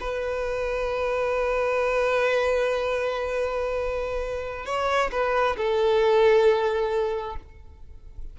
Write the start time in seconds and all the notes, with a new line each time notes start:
0.00 B4
4.66 C#5
5.11 B4
5.57 A4